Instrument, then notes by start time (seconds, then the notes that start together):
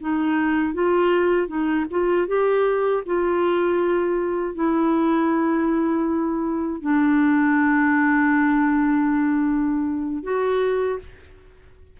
clarinet
0.00 D#4
0.74 F4
1.47 D#4
1.90 F4
2.27 G4
3.06 F4
4.55 E4
6.81 D4
10.23 F#4